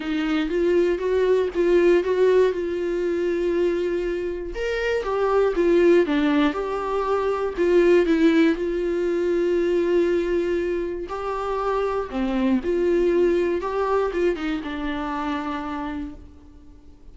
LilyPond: \new Staff \with { instrumentName = "viola" } { \time 4/4 \tempo 4 = 119 dis'4 f'4 fis'4 f'4 | fis'4 f'2.~ | f'4 ais'4 g'4 f'4 | d'4 g'2 f'4 |
e'4 f'2.~ | f'2 g'2 | c'4 f'2 g'4 | f'8 dis'8 d'2. | }